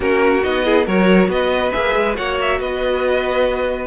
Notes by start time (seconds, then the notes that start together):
0.00 A#3 C#4 F#4 A#4
0.43 B3 D#4 D#5
0.64 E4 G#4
0.85 F#3 F#4 A#4 C#5
1.28 B3 B4 D#5
1.71 A#3 G#4 E5
1.95 G#3
2.14 A#3 F#4 C#5 F#5
2.41 E5
2.59 B3 B4 D#5